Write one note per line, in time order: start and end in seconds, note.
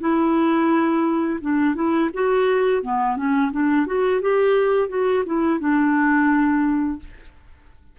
0.00 1.40 E4
1.41 1.75 D4
1.75 2.10 E4
2.13 2.82 F#4
2.82 3.16 B3
3.16 3.51 C#4
3.52 3.86 D4
3.86 4.21 F#4
4.21 4.89 G4
4.89 5.24 F#4
5.25 5.60 E4
5.60 6.99 D4